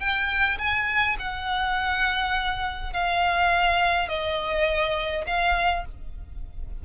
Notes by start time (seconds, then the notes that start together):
0.00 G5
0.59 G#5
1.19 F#5
2.93 F5
4.09 D#5
5.27 F5